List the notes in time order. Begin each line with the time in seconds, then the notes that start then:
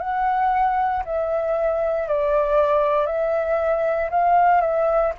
0.00 F#5
1.05 E5
2.08 D5
3.07 E5
4.10 F5
4.61 E5